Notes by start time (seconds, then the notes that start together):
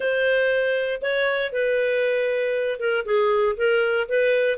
0.00 C5
1.01 C#5
1.52 B4
2.79 A#4
3.05 G#4
3.56 A#4
4.08 B4